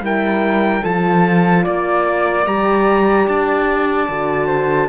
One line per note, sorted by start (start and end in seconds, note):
0.00 0.81 G3
0.00 0.82 E4
0.00 0.82 A#4
0.00 0.84 G5
0.82 1.65 F3
0.82 2.45 F4
0.82 1.63 A4
0.82 1.65 A5
1.63 2.46 A#3
1.63 4.46 D5
1.63 2.46 D5
2.45 3.27 G3
2.45 4.08 G4
2.45 3.27 A#5
3.28 4.08 D4
3.28 4.89 A5
4.08 4.89 D3
4.08 4.89 F#4
4.46 4.87 C5